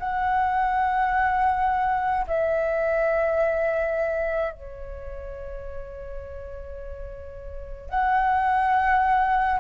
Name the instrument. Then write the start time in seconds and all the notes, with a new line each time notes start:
flute
0.00 F#5
2.27 E5
4.53 C#5
7.90 F#5